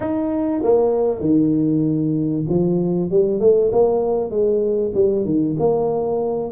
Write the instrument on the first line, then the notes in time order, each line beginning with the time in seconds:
tuba
0.00 D#4
0.63 A#3
1.20 D#3
2.49 F3
3.10 G3
3.39 A3
3.71 A#3
4.30 G#3
4.94 G3
5.24 D#3
5.59 A#3